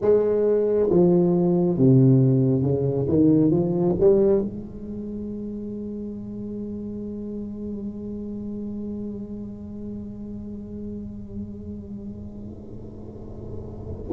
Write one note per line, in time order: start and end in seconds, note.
0.01 0.89 G#3
0.90 1.77 F3
1.77 2.62 C3
2.62 3.06 C#3
3.08 3.51 D#3
3.51 3.95 F3
3.99 4.41 G3
4.41 14.12 G#3